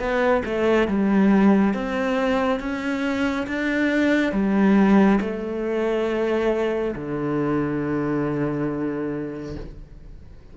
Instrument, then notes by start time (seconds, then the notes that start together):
cello
0.00 B3
0.46 A3
0.88 G3
1.74 C4
2.60 C#4
3.48 D4
4.33 G3
5.21 A3
6.96 D3